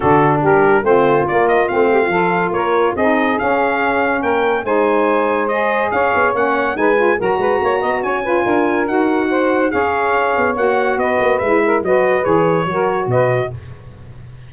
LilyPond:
<<
  \new Staff \with { instrumentName = "trumpet" } { \time 4/4 \tempo 4 = 142 a'4 ais'4 c''4 d''8 dis''8 | f''2 cis''4 dis''4 | f''2 g''4 gis''4~ | gis''4 dis''4 f''4 fis''4 |
gis''4 ais''2 gis''4~ | gis''4 fis''2 f''4~ | f''4 fis''4 dis''4 e''4 | dis''4 cis''2 dis''4 | }
  \new Staff \with { instrumentName = "saxophone" } { \time 4/4 fis'4 g'4 f'2~ | f'8 g'16 f'16 a'4 ais'4 gis'4~ | gis'2 ais'4 c''4~ | c''2 cis''2 |
b'4 ais'8 b'8 cis''8 dis''8 cis''8 b'8 | ais'2 c''4 cis''4~ | cis''2 b'4. ais'8 | b'2 ais'4 b'4 | }
  \new Staff \with { instrumentName = "saxophone" } { \time 4/4 d'2 c'4 ais4 | c'4 f'2 dis'4 | cis'2. dis'4~ | dis'4 gis'2 cis'4 |
dis'8 f'8 fis'2~ fis'8 f'8~ | f'4 fis'2 gis'4~ | gis'4 fis'2 e'4 | fis'4 gis'4 fis'2 | }
  \new Staff \with { instrumentName = "tuba" } { \time 4/4 d4 g4 a4 ais4 | a4 f4 ais4 c'4 | cis'2 ais4 gis4~ | gis2 cis'8 b8 ais4 |
gis4 fis8 gis8 ais8 b8 cis'4 | d'4 dis'2 cis'4~ | cis'8 b8 ais4 b8 ais8 gis4 | fis4 e4 fis4 b,4 | }
>>